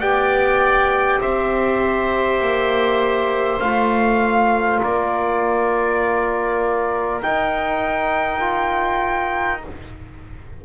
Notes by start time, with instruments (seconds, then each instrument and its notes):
0.00 double bass B3, trombone G4, oboe D5, trumpet G5
1.21 double bass C4, oboe C5, trumpet E5
2.41 double bass A#3
3.60 double bass A3, trombone F4, trumpet F5
4.81 double bass A#3, oboe A#4, trumpet D5
7.23 trombone D#4, double bass D#4, trumpet G5
8.40 trombone F4